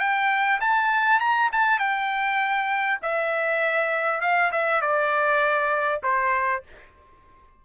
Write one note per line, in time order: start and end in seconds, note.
0.00 0.60 G5
0.61 1.20 A5
1.20 1.50 A#5
1.52 1.79 A5
1.79 2.99 G5
3.02 4.21 E5
4.21 4.51 F5
4.52 4.82 E5
4.82 6.02 D5
6.03 6.63 C5